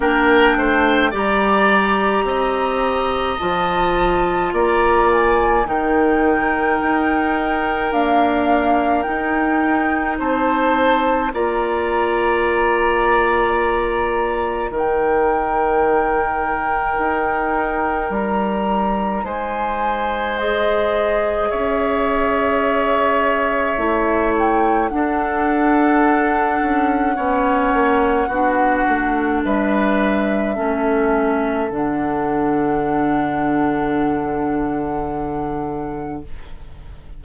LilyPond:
<<
  \new Staff \with { instrumentName = "flute" } { \time 4/4 \tempo 4 = 53 g''4 ais''2 a''4 | ais''8 gis''8 g''2 f''4 | g''4 a''4 ais''2~ | ais''4 g''2. |
ais''4 gis''4 dis''4 e''4~ | e''4. g''8 fis''2~ | fis''2 e''2 | fis''1 | }
  \new Staff \with { instrumentName = "oboe" } { \time 4/4 ais'8 c''8 d''4 dis''2 | d''4 ais'2.~ | ais'4 c''4 d''2~ | d''4 ais'2.~ |
ais'4 c''2 cis''4~ | cis''2 a'2 | cis''4 fis'4 b'4 a'4~ | a'1 | }
  \new Staff \with { instrumentName = "clarinet" } { \time 4/4 d'4 g'2 f'4~ | f'4 dis'2 ais4 | dis'2 f'2~ | f'4 dis'2.~ |
dis'2 gis'2~ | gis'4 e'4 d'2 | cis'4 d'2 cis'4 | d'1 | }
  \new Staff \with { instrumentName = "bassoon" } { \time 4/4 ais8 a8 g4 c'4 f4 | ais4 dis4 dis'4 d'4 | dis'4 c'4 ais2~ | ais4 dis2 dis'4 |
g4 gis2 cis'4~ | cis'4 a4 d'4. cis'8 | b8 ais8 b8 a8 g4 a4 | d1 | }
>>